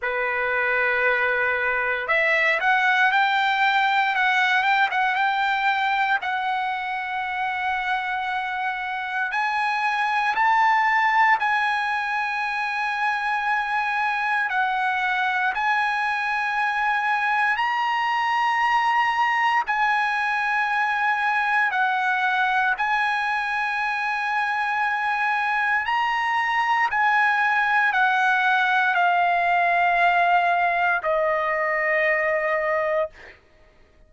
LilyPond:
\new Staff \with { instrumentName = "trumpet" } { \time 4/4 \tempo 4 = 58 b'2 e''8 fis''8 g''4 | fis''8 g''16 fis''16 g''4 fis''2~ | fis''4 gis''4 a''4 gis''4~ | gis''2 fis''4 gis''4~ |
gis''4 ais''2 gis''4~ | gis''4 fis''4 gis''2~ | gis''4 ais''4 gis''4 fis''4 | f''2 dis''2 | }